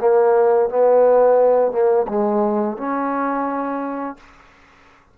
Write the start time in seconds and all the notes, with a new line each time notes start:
0.00 A#3
0.69 B3
1.71 A#3
2.08 G#3
2.77 C#4